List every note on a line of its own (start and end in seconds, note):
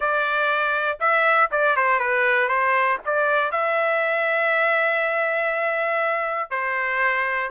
0.00 0.98 D5
1.00 1.50 E5
1.51 1.76 D5
1.76 1.99 C5
1.99 2.48 B4
2.48 2.98 C5
3.05 3.51 D5
3.51 6.50 E5
6.50 7.50 C5